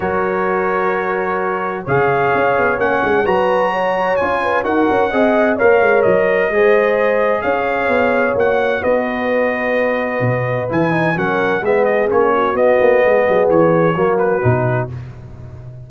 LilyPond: <<
  \new Staff \with { instrumentName = "trumpet" } { \time 4/4 \tempo 4 = 129 cis''1 | f''2 fis''4 ais''4~ | ais''4 gis''4 fis''2 | f''4 dis''2. |
f''2 fis''4 dis''4~ | dis''2. gis''4 | fis''4 e''8 dis''8 cis''4 dis''4~ | dis''4 cis''4. b'4. | }
  \new Staff \with { instrumentName = "horn" } { \time 4/4 ais'1 | cis''2. b'4 | cis''4. b'8 ais'4 dis''4 | cis''2 c''2 |
cis''2. b'4~ | b'1 | ais'4 gis'4. fis'4. | gis'2 fis'2 | }
  \new Staff \with { instrumentName = "trombone" } { \time 4/4 fis'1 | gis'2 cis'4 fis'4~ | fis'4 f'4 fis'4 gis'4 | ais'2 gis'2~ |
gis'2 fis'2~ | fis'2. e'8 dis'8 | cis'4 b4 cis'4 b4~ | b2 ais4 dis'4 | }
  \new Staff \with { instrumentName = "tuba" } { \time 4/4 fis1 | cis4 cis'8 b8 ais8 gis8 fis4~ | fis4 cis'4 dis'8 cis'8 c'4 | ais8 gis8 fis4 gis2 |
cis'4 b4 ais4 b4~ | b2 b,4 e4 | fis4 gis4 ais4 b8 ais8 | gis8 fis8 e4 fis4 b,4 | }
>>